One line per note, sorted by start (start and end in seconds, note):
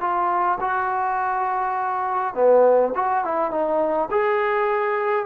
0.00 0.58 F4
0.60 2.34 F#4
2.34 2.92 B3
2.95 3.24 F#4
3.24 3.50 E4
3.50 4.09 D#4
4.11 5.26 G#4